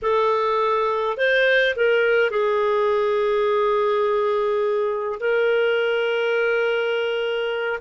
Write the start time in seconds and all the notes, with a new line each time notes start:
0.02 A4
1.17 C5
1.76 A#4
2.30 G#4
5.19 A#4